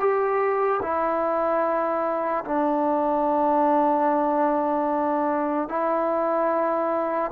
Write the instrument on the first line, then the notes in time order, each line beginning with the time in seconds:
trombone
0.00 G4
0.83 E4
2.45 D4
5.69 E4